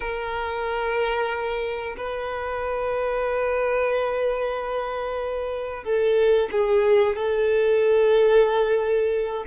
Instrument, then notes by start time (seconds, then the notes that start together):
violin
0.00 A#4
1.97 B4
5.83 A4
6.51 G#4
7.16 A4